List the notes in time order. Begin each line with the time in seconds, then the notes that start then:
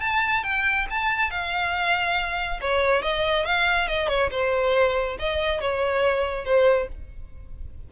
0.00 A5
0.43 G5
0.90 A5
1.31 F5
2.61 C#5
3.02 D#5
3.45 F5
3.88 D#5
4.08 C#5
4.31 C5
5.19 D#5
5.61 C#5
6.45 C5